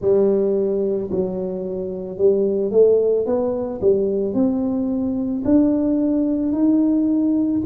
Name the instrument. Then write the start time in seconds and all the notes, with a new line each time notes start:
tuba
0.00 G3
1.11 F#3
2.17 G3
2.71 A3
3.25 B3
3.81 G3
4.33 C4
5.44 D4
6.52 D#4